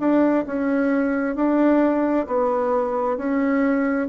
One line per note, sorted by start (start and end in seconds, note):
0.00 0.45 D4
0.47 1.36 C#4
1.36 2.27 D4
2.27 3.17 B3
3.17 4.08 C#4